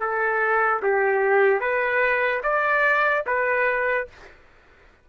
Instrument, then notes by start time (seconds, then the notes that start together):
trumpet
0.00 A4
0.83 G4
1.60 B4
2.43 D5
3.26 B4